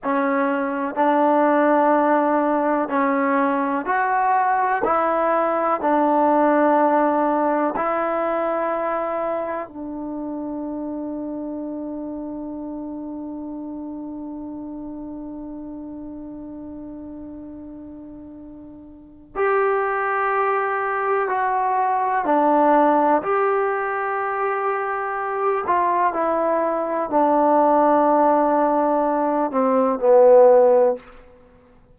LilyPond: \new Staff \with { instrumentName = "trombone" } { \time 4/4 \tempo 4 = 62 cis'4 d'2 cis'4 | fis'4 e'4 d'2 | e'2 d'2~ | d'1~ |
d'1 | g'2 fis'4 d'4 | g'2~ g'8 f'8 e'4 | d'2~ d'8 c'8 b4 | }